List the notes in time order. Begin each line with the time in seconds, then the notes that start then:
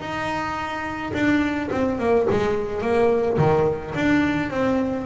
0.00 D#4
1.13 D4
1.71 C4
1.99 A#3
2.30 G#3
2.81 A#3
3.38 D#3
3.95 D4
4.50 C4